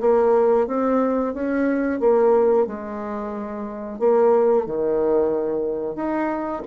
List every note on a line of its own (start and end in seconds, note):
0.00 0.67 A#3
0.67 1.34 C4
1.34 2.00 C#4
2.00 2.66 A#3
2.67 3.99 G#3
3.99 4.65 A#3
4.65 5.95 D#3
5.95 6.62 D#4